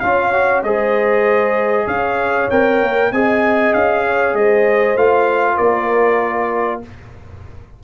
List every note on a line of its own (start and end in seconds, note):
0.00 0.63 C#4
0.00 0.33 F4
0.00 0.65 C#5
0.00 0.62 F5
0.33 0.64 F#4
0.63 1.86 G#3
0.63 2.51 G#4
0.63 1.86 C5
0.63 1.87 D#5
1.86 2.49 C#4
1.86 3.10 C#5
1.86 2.50 F5
2.50 2.82 C4
2.50 3.13 A#4
2.50 3.12 G5
2.82 3.12 A#3
3.12 3.74 C4
3.12 4.97 G#4
3.12 4.06 D#5
3.12 3.74 G#5
3.74 4.34 C#4
3.74 4.35 F5
4.07 4.37 C#5
4.34 4.95 G#3
4.34 5.56 C5
4.34 4.97 D#5
4.95 5.57 A3
4.95 6.83 F4
4.95 5.57 F5
5.56 6.84 A#3
5.56 6.80 A#4
5.56 6.81 D5